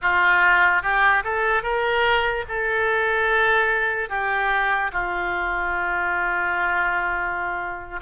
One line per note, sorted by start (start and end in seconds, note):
0.01 0.82 F4
0.82 1.23 G4
1.24 1.62 A4
1.62 2.44 A#4
2.48 4.09 A4
4.09 4.91 G4
4.92 8.00 F4